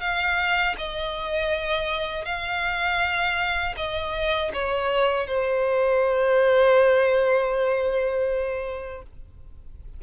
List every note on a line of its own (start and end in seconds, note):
0.00 0.75 F5
0.77 2.25 D#5
2.25 3.75 F5
3.76 4.51 D#5
4.53 5.27 C#5
5.27 9.02 C5